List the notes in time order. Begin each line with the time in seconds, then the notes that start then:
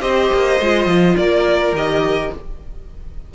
0.00 C4 G4 C5 D#5
0.33 A#3
0.60 G#3 F4
0.86 F3
1.16 A#3 A#4 D5
1.72 D#3 G4 D#5